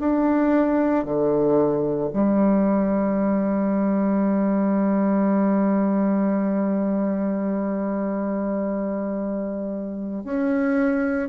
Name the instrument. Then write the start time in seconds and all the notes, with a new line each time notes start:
bassoon
0.00 D4
1.05 D3
2.13 G3
10.24 C#4